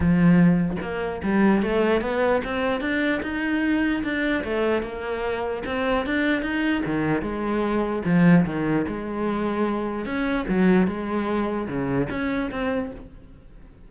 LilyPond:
\new Staff \with { instrumentName = "cello" } { \time 4/4 \tempo 4 = 149 f2 ais4 g4 | a4 b4 c'4 d'4 | dis'2 d'4 a4 | ais2 c'4 d'4 |
dis'4 dis4 gis2 | f4 dis4 gis2~ | gis4 cis'4 fis4 gis4~ | gis4 cis4 cis'4 c'4 | }